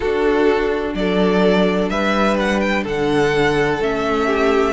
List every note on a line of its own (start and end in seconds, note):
0.00 3.81 D4
0.00 0.94 D4
0.00 0.95 F#4
0.00 0.94 A4
0.94 1.89 F#3
0.94 1.91 A4
0.94 1.89 D5
1.89 2.85 G3
1.89 2.83 B4
1.89 2.37 E5
2.39 2.60 F#5
2.60 2.83 G5
2.83 3.80 D3
2.83 4.26 A4
2.83 3.82 F#5
3.80 4.73 A3
3.80 4.73 C#4
3.80 4.73 E5
4.26 4.73 G4